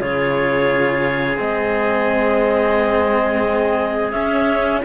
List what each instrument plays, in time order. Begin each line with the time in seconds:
0.00 cello C#3 F4, trumpet G#4, clarinet C#5
1.37 cello G#3 C4, clarinet D#5
4.12 cello C#4, clarinet E5